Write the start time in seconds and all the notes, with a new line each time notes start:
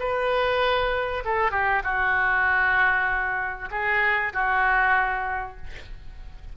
0.00 B4
1.25 A4
1.52 G4
1.84 F#4
3.71 G#4
4.34 F#4